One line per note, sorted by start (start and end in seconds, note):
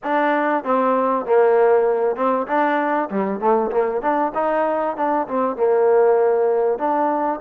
0.03 0.64 D4
0.64 1.25 C4
1.25 2.16 A#3
2.16 2.47 C4
2.47 3.09 D4
3.10 3.40 G3
3.40 3.71 A3
3.71 4.01 A#3
4.01 4.32 D4
4.34 4.96 D#4
4.96 5.27 D4
5.27 5.56 C4
5.56 6.78 A#3
6.78 7.40 D4